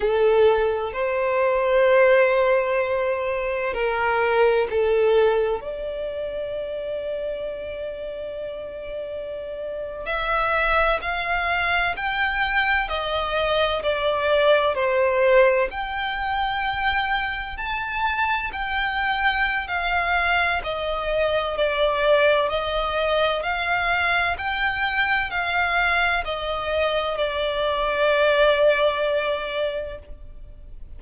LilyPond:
\new Staff \with { instrumentName = "violin" } { \time 4/4 \tempo 4 = 64 a'4 c''2. | ais'4 a'4 d''2~ | d''2~ d''8. e''4 f''16~ | f''8. g''4 dis''4 d''4 c''16~ |
c''8. g''2 a''4 g''16~ | g''4 f''4 dis''4 d''4 | dis''4 f''4 g''4 f''4 | dis''4 d''2. | }